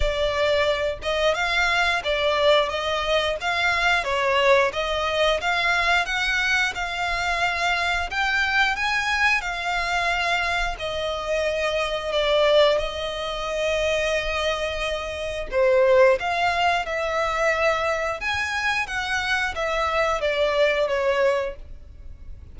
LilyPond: \new Staff \with { instrumentName = "violin" } { \time 4/4 \tempo 4 = 89 d''4. dis''8 f''4 d''4 | dis''4 f''4 cis''4 dis''4 | f''4 fis''4 f''2 | g''4 gis''4 f''2 |
dis''2 d''4 dis''4~ | dis''2. c''4 | f''4 e''2 gis''4 | fis''4 e''4 d''4 cis''4 | }